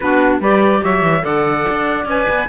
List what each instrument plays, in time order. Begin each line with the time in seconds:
0.00 cello B3, clarinet D4, saxophone F#4, trumpet B4
0.39 cello G3, clarinet G4, saxophone B4, trumpet D5
0.82 cello F#3, saxophone C#5, trumpet E5
1.02 cello E3
1.21 cello D3, clarinet A4, saxophone D5, trumpet F#5
1.69 cello D4
2.05 cello C#4, clarinet B4, trumpet G#5
2.29 cello B3